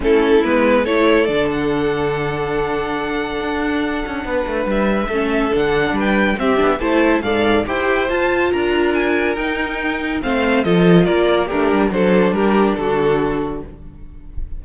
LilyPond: <<
  \new Staff \with { instrumentName = "violin" } { \time 4/4 \tempo 4 = 141 a'4 b'4 cis''4 d''8 fis''8~ | fis''1~ | fis''2. e''4~ | e''4 fis''4 g''4 e''4 |
a''4 f''4 g''4 a''4 | ais''4 gis''4 g''2 | f''4 dis''4 d''4 ais'4 | c''4 ais'4 a'2 | }
  \new Staff \with { instrumentName = "violin" } { \time 4/4 e'2 a'2~ | a'1~ | a'2 b'2 | a'2 b'4 g'4 |
c''4 d''4 c''2 | ais'1 | c''4 a'4 ais'4 d'4 | a'4 g'4 fis'2 | }
  \new Staff \with { instrumentName = "viola" } { \time 4/4 cis'4 b4 e'4 d'4~ | d'1~ | d'1 | cis'4 d'2 c'8 d'8 |
e'4 a'4 g'4 f'4~ | f'2 dis'2 | c'4 f'2 g'4 | d'1 | }
  \new Staff \with { instrumentName = "cello" } { \time 4/4 a4 gis4 a4 d4~ | d1 | d'4. cis'8 b8 a8 g4 | a4 d4 g4 c'8 b8 |
a4 gis,4 e'4 f'4 | d'2 dis'2 | a4 f4 ais4 a8 g8 | fis4 g4 d2 | }
>>